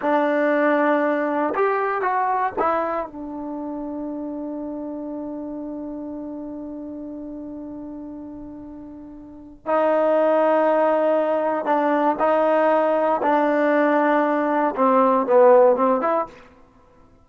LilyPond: \new Staff \with { instrumentName = "trombone" } { \time 4/4 \tempo 4 = 118 d'2. g'4 | fis'4 e'4 d'2~ | d'1~ | d'1~ |
d'2. dis'4~ | dis'2. d'4 | dis'2 d'2~ | d'4 c'4 b4 c'8 e'8 | }